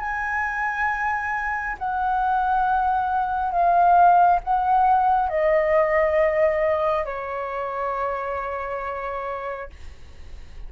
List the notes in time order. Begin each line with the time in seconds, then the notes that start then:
0.00 G#5
1.79 F#5
3.52 F5
4.44 F#5
5.29 D#5
7.05 C#5